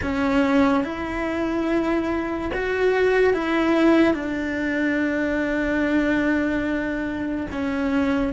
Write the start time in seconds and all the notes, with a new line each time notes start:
0.02 C#4
0.84 E4
2.53 F#4
3.33 E4
4.13 D4
7.51 C#4